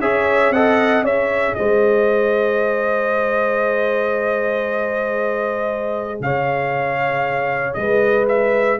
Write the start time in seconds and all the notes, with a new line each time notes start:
0.00 C#4 G#4 C#5 E5
0.50 C4 A4 D#5 F#5
1.02 C#4 G#4 C#5 E5
1.54 G#3 C5 D#5
6.20 C#3 C#5 F5
7.73 G#3 B4 D#5
8.28 E5